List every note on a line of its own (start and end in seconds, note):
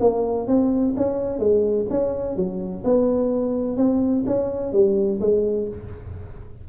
0.00 0.47 A#3
0.47 0.94 C4
0.96 1.39 C#4
1.39 1.86 G#3
1.90 2.36 C#4
2.36 2.83 F#3
2.84 3.77 B3
3.77 4.24 C4
4.26 4.72 C#4
4.72 5.19 G3
5.20 5.68 G#3